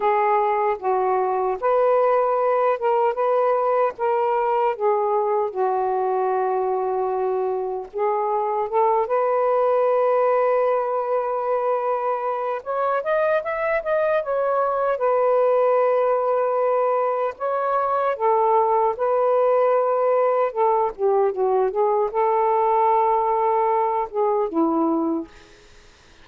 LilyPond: \new Staff \with { instrumentName = "saxophone" } { \time 4/4 \tempo 4 = 76 gis'4 fis'4 b'4. ais'8 | b'4 ais'4 gis'4 fis'4~ | fis'2 gis'4 a'8 b'8~ | b'1 |
cis''8 dis''8 e''8 dis''8 cis''4 b'4~ | b'2 cis''4 a'4 | b'2 a'8 g'8 fis'8 gis'8 | a'2~ a'8 gis'8 e'4 | }